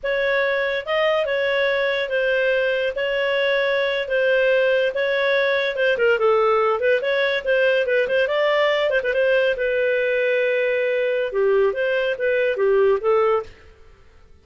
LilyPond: \new Staff \with { instrumentName = "clarinet" } { \time 4/4 \tempo 4 = 143 cis''2 dis''4 cis''4~ | cis''4 c''2 cis''4~ | cis''4.~ cis''16 c''2 cis''16~ | cis''4.~ cis''16 c''8 ais'8 a'4~ a'16~ |
a'16 b'8 cis''4 c''4 b'8 c''8 d''16~ | d''4~ d''16 c''16 b'16 c''4 b'4~ b'16~ | b'2. g'4 | c''4 b'4 g'4 a'4 | }